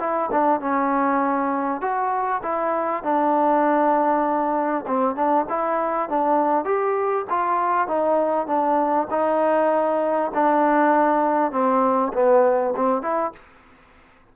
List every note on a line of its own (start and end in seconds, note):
0.00 0.30 E4
0.32 0.61 D4
0.61 1.81 C#4
1.81 2.42 F#4
2.43 3.04 E4
3.04 4.86 D4
4.88 5.16 C4
5.16 5.46 D4
5.50 6.09 E4
6.09 6.65 D4
6.65 7.26 G4
7.30 7.88 F4
7.88 8.47 D#4
8.47 9.08 D4
9.11 10.32 D#4
10.34 11.52 D4
11.52 12.13 C4
12.14 12.74 B3
12.76 13.02 C4
13.02 13.33 E4